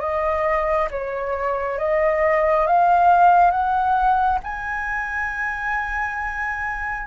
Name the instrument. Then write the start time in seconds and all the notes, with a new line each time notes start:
flute
0.00 D#5
0.91 C#5
1.78 D#5
2.67 F5
3.51 F#5
4.43 G#5